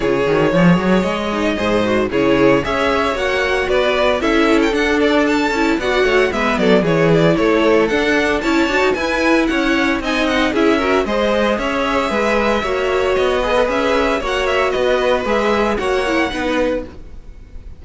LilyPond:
<<
  \new Staff \with { instrumentName = "violin" } { \time 4/4 \tempo 4 = 114 cis''2 dis''2 | cis''4 e''4 fis''4 d''4 | e''8. g''16 fis''8 d''8 a''4 fis''4 | e''8 d''8 cis''8 d''8 cis''4 fis''4 |
a''4 gis''4 fis''4 gis''8 fis''8 | e''4 dis''4 e''2~ | e''4 dis''4 e''4 fis''8 e''8 | dis''4 e''4 fis''2 | }
  \new Staff \with { instrumentName = "violin" } { \time 4/4 gis'4 cis''2 c''4 | gis'4 cis''2 b'4 | a'2. d''8 cis''8 | b'8 a'8 gis'4 a'2 |
cis''4 b'4 cis''4 dis''4 | gis'8 ais'8 c''4 cis''4 b'4 | cis''4. b'4. cis''4 | b'2 cis''4 b'4 | }
  \new Staff \with { instrumentName = "viola" } { \time 4/4 f'8 fis'8 gis'4. dis'8 gis'8 fis'8 | e'4 gis'4 fis'2 | e'4 d'4. e'8 fis'4 | b4 e'2 d'4 |
e'8 fis'8 e'2 dis'4 | e'8 fis'8 gis'2. | fis'4. gis'16 a'16 gis'4 fis'4~ | fis'4 gis'4 fis'8 e'8 dis'4 | }
  \new Staff \with { instrumentName = "cello" } { \time 4/4 cis8 dis8 f8 fis8 gis4 gis,4 | cis4 cis'4 ais4 b4 | cis'4 d'4. cis'8 b8 a8 | gis8 fis8 e4 a4 d'4 |
cis'8 d'16 dis'16 e'4 cis'4 c'4 | cis'4 gis4 cis'4 gis4 | ais4 b4 cis'4 ais4 | b4 gis4 ais4 b4 | }
>>